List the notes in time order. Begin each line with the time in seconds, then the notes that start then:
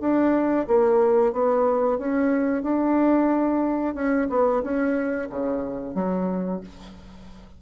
0.00 D4
0.67 A#3
1.33 B3
1.98 C#4
2.63 D4
3.95 C#4
4.29 B3
4.63 C#4
5.30 C#3
5.95 F#3